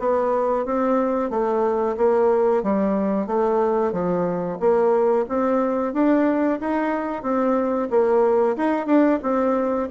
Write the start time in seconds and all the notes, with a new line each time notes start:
0.00 B3
0.66 C4
1.31 A3
1.97 A#3
2.63 G3
3.27 A3
3.93 F3
4.60 A#3
5.29 C4
5.94 D4
6.61 D#4
7.23 C4
7.91 A#3
8.57 D#4
8.87 D4
9.23 C4